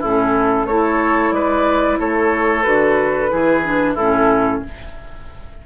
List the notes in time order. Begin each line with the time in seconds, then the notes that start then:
0.00 A2 C#4 E4 A4
0.65 A3 E4 A4 C#5
1.31 G#3 B4 D5
1.99 A3 A4 C#5
2.63 D3 F#4 B4
3.30 E3 E4 G#4
3.64 D4
3.94 A2 C#4 E4 A4